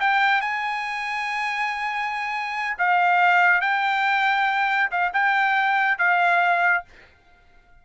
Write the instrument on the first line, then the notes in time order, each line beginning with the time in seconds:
trumpet
0.00 G5
0.41 G#5
2.78 F5
3.61 G5
4.91 F5
5.13 G5
5.98 F5